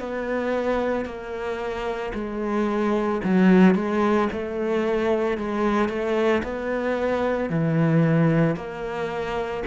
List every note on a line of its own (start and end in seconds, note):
0.00 1.06 B3
1.06 2.13 A#3
2.14 3.21 G#3
3.24 3.75 F#3
3.75 4.29 G#3
4.32 5.38 A3
5.38 5.89 G#3
5.89 6.42 A3
6.43 7.50 B3
7.50 8.56 E3
8.56 9.63 A#3